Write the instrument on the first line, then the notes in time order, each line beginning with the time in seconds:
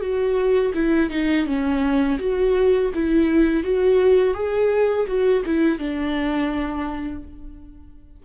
viola
0.00 F#4
0.74 E4
1.10 D#4
1.46 C#4
2.19 F#4
2.94 E4
3.63 F#4
4.34 G#4
5.07 F#4
5.45 E4
5.78 D4